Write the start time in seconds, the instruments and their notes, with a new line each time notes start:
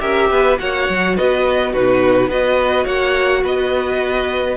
0.00 cello C#4, viola G4, violin A#4 E5
0.30 cello B3, violin B4
0.59 cello A#3, viola F#4, violin C#5 F#5
0.89 cello F#3
1.17 cello B3, violin B4 D#5
1.72 cello B2, viola D#4, violin F#4 B4
2.28 cello B3, viola F#4, violin B4 D#5
2.84 cello A#3, violin C#5 F#5
3.44 cello B3, violin B4 D#5